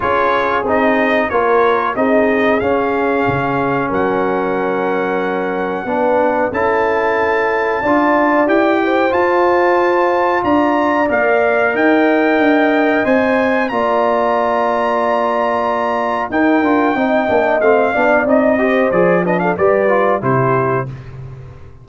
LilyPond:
<<
  \new Staff \with { instrumentName = "trumpet" } { \time 4/4 \tempo 4 = 92 cis''4 dis''4 cis''4 dis''4 | f''2 fis''2~ | fis''2 a''2~ | a''4 g''4 a''2 |
ais''4 f''4 g''2 | gis''4 ais''2.~ | ais''4 g''2 f''4 | dis''4 d''8 dis''16 f''16 d''4 c''4 | }
  \new Staff \with { instrumentName = "horn" } { \time 4/4 gis'2 ais'4 gis'4~ | gis'2 ais'2~ | ais'4 b'4 a'2 | d''4. c''2~ c''8 |
d''2 dis''2~ | dis''4 d''2.~ | d''4 ais'4 dis''4. d''8~ | d''8 c''4 b'16 a'16 b'4 g'4 | }
  \new Staff \with { instrumentName = "trombone" } { \time 4/4 f'4 dis'4 f'4 dis'4 | cis'1~ | cis'4 d'4 e'2 | f'4 g'4 f'2~ |
f'4 ais'2. | c''4 f'2.~ | f'4 dis'8 f'8 dis'8 d'8 c'8 d'8 | dis'8 g'8 gis'8 d'8 g'8 f'8 e'4 | }
  \new Staff \with { instrumentName = "tuba" } { \time 4/4 cis'4 c'4 ais4 c'4 | cis'4 cis4 fis2~ | fis4 b4 cis'2 | d'4 e'4 f'2 |
d'4 ais4 dis'4 d'4 | c'4 ais2.~ | ais4 dis'8 d'8 c'8 ais8 a8 b8 | c'4 f4 g4 c4 | }
>>